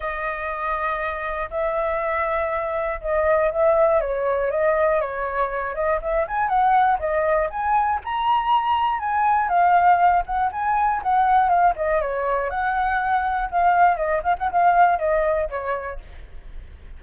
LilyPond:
\new Staff \with { instrumentName = "flute" } { \time 4/4 \tempo 4 = 120 dis''2. e''4~ | e''2 dis''4 e''4 | cis''4 dis''4 cis''4. dis''8 | e''8 gis''8 fis''4 dis''4 gis''4 |
ais''2 gis''4 f''4~ | f''8 fis''8 gis''4 fis''4 f''8 dis''8 | cis''4 fis''2 f''4 | dis''8 f''16 fis''16 f''4 dis''4 cis''4 | }